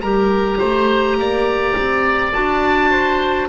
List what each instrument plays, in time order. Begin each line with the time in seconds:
0.00 double bass G3, clarinet G4, oboe A#4 A#5
0.58 double bass A3, oboe C5
1.17 double bass A#3, oboe D5
1.76 double bass C4
2.32 double bass D4, clarinet F#4, oboe A5
2.90 oboe C5